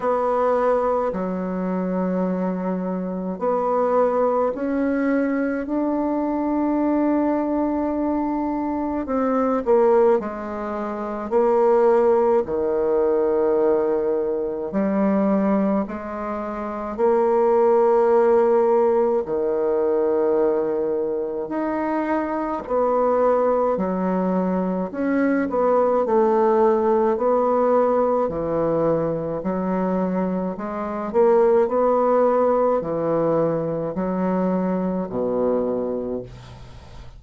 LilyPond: \new Staff \with { instrumentName = "bassoon" } { \time 4/4 \tempo 4 = 53 b4 fis2 b4 | cis'4 d'2. | c'8 ais8 gis4 ais4 dis4~ | dis4 g4 gis4 ais4~ |
ais4 dis2 dis'4 | b4 fis4 cis'8 b8 a4 | b4 e4 fis4 gis8 ais8 | b4 e4 fis4 b,4 | }